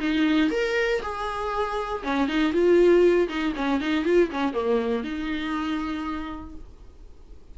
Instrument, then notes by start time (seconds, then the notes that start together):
viola
0.00 D#4
0.51 A#4
1.02 G#4
2.04 C#4
2.28 D#4
2.53 F4
3.28 D#4
3.56 C#4
3.81 D#4
4.05 F4
4.31 C#4
4.53 A#3
5.04 D#4